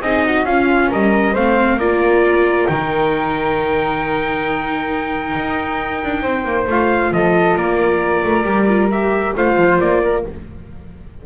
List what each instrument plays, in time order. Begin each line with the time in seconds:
0.00 double bass C4, viola D#4, flute G#4, trumpet D#5
0.25 flute F#4
0.45 double bass C#4, viola C#4, flute F4, trumpet F5
0.90 double bass G3, flute A#4, trumpet D#5
1.33 double bass A3, viola C4, flute C5, trumpet F5
1.77 double bass A#3, viola F4, flute A#4, trumpet D5
2.68 double bass D#3, viola D#4, trumpet G5
5.37 double bass D#4
6.04 double bass D4
6.23 double bass C4, flute C5
6.44 double bass A#3
6.67 double bass A3, viola F4, trumpet F5
7.11 double bass F3, flute A4, trumpet D#5
7.57 double bass A#3, flute A#4, trumpet D5
8.24 double bass A3
8.44 double bass G3, viola G4
8.68 viola F4
8.91 viola G4, trumpet E5
9.36 double bass A3, viola F4, flute C5, trumpet F5
9.57 double bass F3
9.80 double bass A#3, trumpet D5
10.04 flute A#4